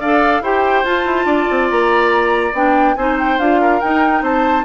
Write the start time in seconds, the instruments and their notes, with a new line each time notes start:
0.00 bassoon D4, clarinet A4, oboe D5, flute F5
0.41 bassoon E4, clarinet G4, oboe C5, flute G5
0.84 bassoon F4, clarinet F4, flute A5
1.05 bassoon E4
1.25 bassoon D4, oboe D5
1.50 bassoon C4
1.70 bassoon A#3, flute A#5
2.53 bassoon B3, clarinet D4, flute G5
2.95 bassoon C4, clarinet D#4, oboe C5, flute G#5
3.19 flute G5
3.39 bassoon D4, clarinet F4, flute F5
3.61 oboe A#4
3.81 clarinet D#4, bassoon D#4, flute G5
4.22 bassoon C4, oboe C5, flute A5